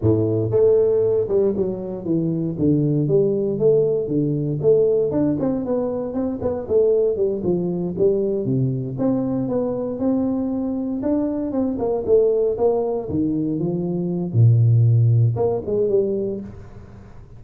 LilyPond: \new Staff \with { instrumentName = "tuba" } { \time 4/4 \tempo 4 = 117 a,4 a4. g8 fis4 | e4 d4 g4 a4 | d4 a4 d'8 c'8 b4 | c'8 b8 a4 g8 f4 g8~ |
g8 c4 c'4 b4 c'8~ | c'4. d'4 c'8 ais8 a8~ | a8 ais4 dis4 f4. | ais,2 ais8 gis8 g4 | }